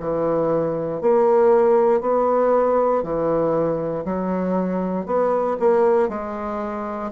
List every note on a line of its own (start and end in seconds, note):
0.00 1.02 E3
1.02 2.01 A#3
2.01 3.03 B3
3.03 4.05 E3
4.05 5.06 F#3
5.06 5.57 B3
5.60 6.09 A#3
6.09 7.11 G#3